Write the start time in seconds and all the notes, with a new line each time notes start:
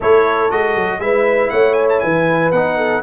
0.00 A3 E4 A4 C#5
0.50 G#3 F#4 D#5
0.75 F#3
0.99 G#3 E4 B4 E5
1.49 A3 C#5 F#5
1.73 G#5
1.89 A5
2.00 E3 B4 G#5
2.51 B3 D#4 F#5
2.77 A4